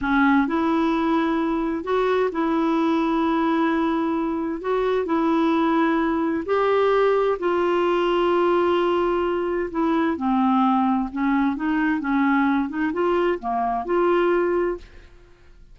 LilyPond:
\new Staff \with { instrumentName = "clarinet" } { \time 4/4 \tempo 4 = 130 cis'4 e'2. | fis'4 e'2.~ | e'2 fis'4 e'4~ | e'2 g'2 |
f'1~ | f'4 e'4 c'2 | cis'4 dis'4 cis'4. dis'8 | f'4 ais4 f'2 | }